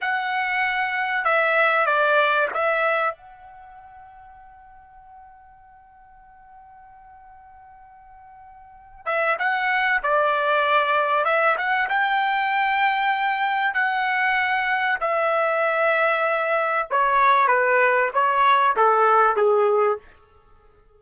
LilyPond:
\new Staff \with { instrumentName = "trumpet" } { \time 4/4 \tempo 4 = 96 fis''2 e''4 d''4 | e''4 fis''2.~ | fis''1~ | fis''2~ fis''8 e''8 fis''4 |
d''2 e''8 fis''8 g''4~ | g''2 fis''2 | e''2. cis''4 | b'4 cis''4 a'4 gis'4 | }